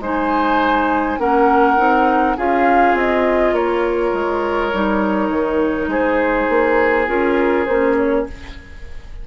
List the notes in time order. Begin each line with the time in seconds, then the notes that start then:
0.00 G#3 D#4 C5 G#5
1.19 A#3 C#4 A#4 F#5
1.78 C4 D#4
2.37 C#4 F4 G#4 F5
2.94 C4 D#5
3.53 A#3 A#4 C#5
4.13 G#3
4.74 G3 D#4
5.30 D#3
5.88 G#3 G#4 C5
6.50 A#3
7.07 C#4 F4 A#4
7.66 A#3 C#4 C5
7.97 C#5